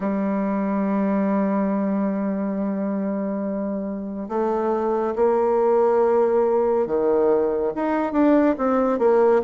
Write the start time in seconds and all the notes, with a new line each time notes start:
0.00 G3
4.29 A3
5.15 A#3
6.86 D#3
7.75 D#4
8.12 D4
8.58 C4
8.98 A#3